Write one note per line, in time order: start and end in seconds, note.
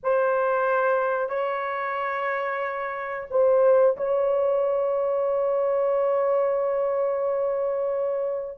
0.03 1.29 C5
1.29 3.27 C#5
3.30 3.96 C5
3.96 8.58 C#5